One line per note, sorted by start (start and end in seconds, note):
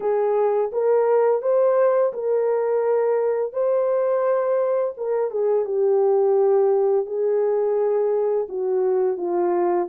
0.00 0.71 G#4
0.72 1.41 A#4
1.41 2.12 C5
2.13 3.53 A#4
3.53 4.94 C5
4.97 5.30 A#4
5.30 5.65 G#4
5.65 7.06 G4
7.06 8.47 G#4
8.48 9.17 F#4
9.17 9.88 F4